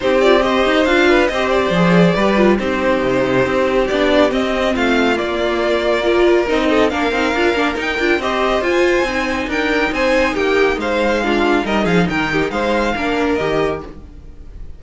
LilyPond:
<<
  \new Staff \with { instrumentName = "violin" } { \time 4/4 \tempo 4 = 139 c''8 d''8 dis''4 f''4 dis''8 d''8~ | d''2 c''2~ | c''4 d''4 dis''4 f''4 | d''2. dis''4 |
f''2 g''4 dis''4 | gis''2 g''4 gis''4 | g''4 f''2 dis''8 f''8 | g''4 f''2 dis''4 | }
  \new Staff \with { instrumentName = "violin" } { \time 4/4 g'4 c''4. b'8 c''4~ | c''4 b'4 g'2~ | g'2. f'4~ | f'2 ais'4. a'8 |
ais'2. c''4~ | c''2 ais'4 c''4 | g'4 c''4 f'4 ais'8 gis'8 | ais'8 g'8 c''4 ais'2 | }
  \new Staff \with { instrumentName = "viola" } { \time 4/4 dis'8 f'8 g'4 f'4 g'4 | gis'4 g'8 f'8 dis'2~ | dis'4 d'4 c'2 | ais2 f'4 dis'4 |
d'8 dis'8 f'8 d'8 dis'8 f'8 g'4 | f'4 dis'2.~ | dis'2 d'4 dis'4~ | dis'2 d'4 g'4 | }
  \new Staff \with { instrumentName = "cello" } { \time 4/4 c'4. dis'8 d'4 c'4 | f4 g4 c'4 c4 | c'4 b4 c'4 a4 | ais2. c'4 |
ais8 c'8 d'8 ais8 dis'8 d'8 c'4 | f'4 c'4 d'4 c'4 | ais4 gis2 g8 f8 | dis4 gis4 ais4 dis4 | }
>>